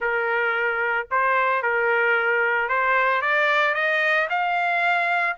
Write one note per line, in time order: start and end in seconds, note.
0.00 1.07 A#4
1.11 1.62 C5
1.62 2.68 A#4
2.68 3.21 C5
3.21 3.74 D5
3.74 4.27 D#5
4.29 5.36 F5